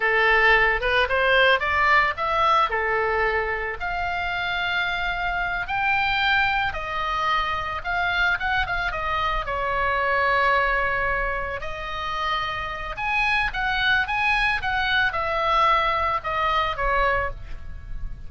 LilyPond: \new Staff \with { instrumentName = "oboe" } { \time 4/4 \tempo 4 = 111 a'4. b'8 c''4 d''4 | e''4 a'2 f''4~ | f''2~ f''8 g''4.~ | g''8 dis''2 f''4 fis''8 |
f''8 dis''4 cis''2~ cis''8~ | cis''4. dis''2~ dis''8 | gis''4 fis''4 gis''4 fis''4 | e''2 dis''4 cis''4 | }